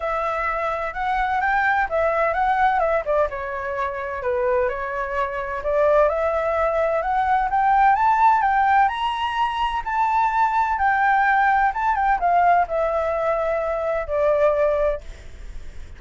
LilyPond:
\new Staff \with { instrumentName = "flute" } { \time 4/4 \tempo 4 = 128 e''2 fis''4 g''4 | e''4 fis''4 e''8 d''8 cis''4~ | cis''4 b'4 cis''2 | d''4 e''2 fis''4 |
g''4 a''4 g''4 ais''4~ | ais''4 a''2 g''4~ | g''4 a''8 g''8 f''4 e''4~ | e''2 d''2 | }